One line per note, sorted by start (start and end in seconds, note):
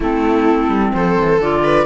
0.00 0.68 A3
0.00 1.41 C4
0.00 0.94 E4
0.00 0.93 A4
0.68 0.92 G3
0.93 1.17 F3
0.93 1.63 A4
0.93 1.40 C5
1.20 1.39 E3
1.39 1.86 D3
1.39 1.86 F4
1.39 1.86 D5
1.63 1.86 B4